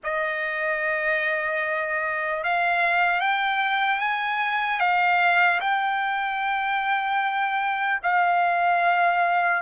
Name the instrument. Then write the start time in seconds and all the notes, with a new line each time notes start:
trumpet
0.03 D#5
2.43 F5
3.20 G5
4.00 G#5
4.80 F5
5.60 G5
8.02 F5